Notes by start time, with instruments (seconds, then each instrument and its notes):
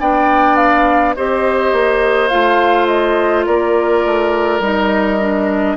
0.00 bassoon B3, clarinet D4, oboe D5, flute G5
0.56 flute F5
1.16 bassoon C4, clarinet G4, oboe C5, flute D#5
1.73 bassoon A#3
2.28 bassoon A3, clarinet F4, flute F5
2.87 flute D#5
3.46 bassoon A#3, oboe A#4, flute D5
4.06 bassoon A3
4.60 bassoon G3, clarinet D#4, flute D#5
5.20 clarinet D4